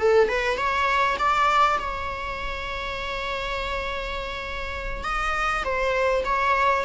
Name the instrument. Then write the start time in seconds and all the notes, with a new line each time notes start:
viola
0.00 A4
0.29 B4
0.58 C#5
1.19 D5
1.79 C#5
5.04 D#5
5.65 C5
6.25 C#5